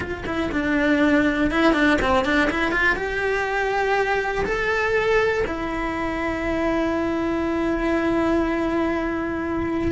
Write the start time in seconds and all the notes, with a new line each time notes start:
0.00 F4
0.25 E4
0.51 D4
1.50 E4
1.73 D4
2.01 C4
2.24 D4
2.50 E4
2.71 F4
2.95 G4
4.45 A4
5.46 E4